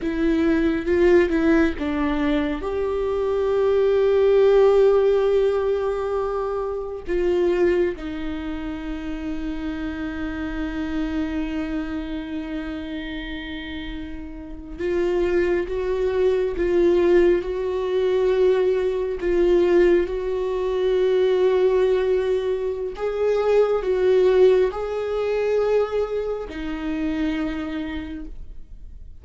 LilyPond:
\new Staff \with { instrumentName = "viola" } { \time 4/4 \tempo 4 = 68 e'4 f'8 e'8 d'4 g'4~ | g'1 | f'4 dis'2.~ | dis'1~ |
dis'8. f'4 fis'4 f'4 fis'16~ | fis'4.~ fis'16 f'4 fis'4~ fis'16~ | fis'2 gis'4 fis'4 | gis'2 dis'2 | }